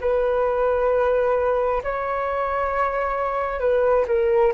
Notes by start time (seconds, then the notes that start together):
0.00 B4
1.83 C#5
3.60 B4
4.07 A#4